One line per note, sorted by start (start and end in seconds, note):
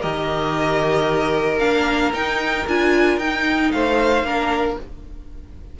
0.00 1.60 D#3
0.00 1.59 G4
0.00 3.72 A#4
0.00 1.59 D#5
1.59 2.13 A#3
1.59 2.12 D4
1.59 2.12 F5
2.13 2.66 D#4
2.13 2.67 G5
2.67 3.17 D4
2.67 3.21 F4
2.67 3.18 G#5
3.17 3.70 D#4
3.17 4.25 D#4
3.17 3.71 G5
3.71 4.22 A3
3.71 4.26 C5
3.71 4.77 F5
4.22 4.75 A#3
4.22 4.78 D4
4.22 4.79 A#4